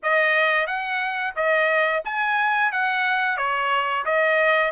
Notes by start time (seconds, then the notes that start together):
0.02 D#5
0.66 F#5
1.35 D#5
2.04 G#5
2.72 F#5
3.37 C#5
4.04 D#5